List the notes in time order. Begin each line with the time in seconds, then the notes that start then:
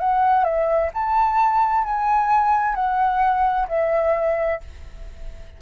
0.00 F#5
0.44 E5
0.94 A5
1.85 G#5
2.75 F#5
3.68 E5